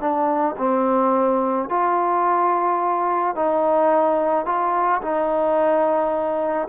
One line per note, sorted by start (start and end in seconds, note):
0.00 0.56 D4
0.58 1.69 C4
1.69 3.36 F4
3.36 4.46 D#4
4.46 5.02 F4
5.02 6.68 D#4